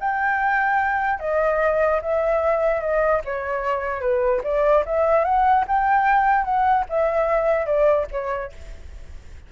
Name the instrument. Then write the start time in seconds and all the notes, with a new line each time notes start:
flute
0.00 G5
1.20 D#5
2.01 E5
2.80 D#5
3.25 C#5
4.00 B4
4.44 D5
4.85 E5
5.24 F#5
5.67 G5
6.44 F#5
6.89 E5
7.66 D5
8.11 C#5